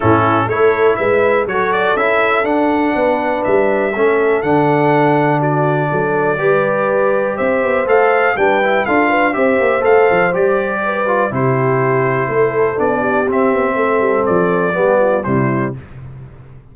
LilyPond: <<
  \new Staff \with { instrumentName = "trumpet" } { \time 4/4 \tempo 4 = 122 a'4 cis''4 e''4 cis''8 d''8 | e''4 fis''2 e''4~ | e''4 fis''2 d''4~ | d''2. e''4 |
f''4 g''4 f''4 e''4 | f''4 d''2 c''4~ | c''2 d''4 e''4~ | e''4 d''2 c''4 | }
  \new Staff \with { instrumentName = "horn" } { \time 4/4 e'4 a'4 b'4 a'4~ | a'2 b'2 | a'2. fis'4 | a'4 b'2 c''4~ |
c''4 b'4 a'8 b'8 c''4~ | c''2 b'4 g'4~ | g'4 a'4. g'4. | a'2 g'8 f'8 e'4 | }
  \new Staff \with { instrumentName = "trombone" } { \time 4/4 cis'4 e'2 fis'4 | e'4 d'2. | cis'4 d'2.~ | d'4 g'2. |
a'4 d'8 e'8 f'4 g'4 | a'4 g'4. f'8 e'4~ | e'2 d'4 c'4~ | c'2 b4 g4 | }
  \new Staff \with { instrumentName = "tuba" } { \time 4/4 a,4 a4 gis4 fis4 | cis'4 d'4 b4 g4 | a4 d2. | fis4 g2 c'8 b8 |
a4 g4 d'4 c'8 ais8 | a8 f8 g2 c4~ | c4 a4 b4 c'8 b8 | a8 g8 f4 g4 c4 | }
>>